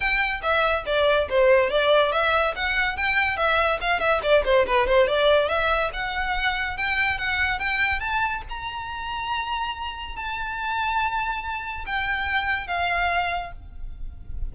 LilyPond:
\new Staff \with { instrumentName = "violin" } { \time 4/4 \tempo 4 = 142 g''4 e''4 d''4 c''4 | d''4 e''4 fis''4 g''4 | e''4 f''8 e''8 d''8 c''8 b'8 c''8 | d''4 e''4 fis''2 |
g''4 fis''4 g''4 a''4 | ais''1 | a''1 | g''2 f''2 | }